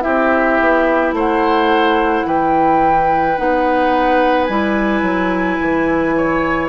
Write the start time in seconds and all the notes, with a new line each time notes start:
0.00 C4 E4 G4 E5
0.60 B3
1.12 A3 C5 F#5
2.26 E3 B4 G5
3.38 B3 D#4 F#5
4.44 G3 E4 G#5
5.02 F#3
5.60 E3
6.16 C#5